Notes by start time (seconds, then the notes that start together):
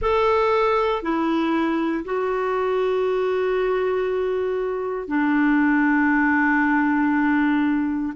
0.01 A4
1.02 E4
2.04 F#4
5.07 D4